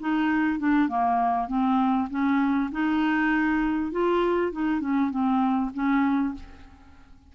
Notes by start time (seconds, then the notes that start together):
0.00 D#4
0.59 D4
0.88 A#3
1.48 C4
2.10 C#4
2.72 D#4
3.92 F4
4.52 D#4
4.80 C#4
5.11 C4
5.74 C#4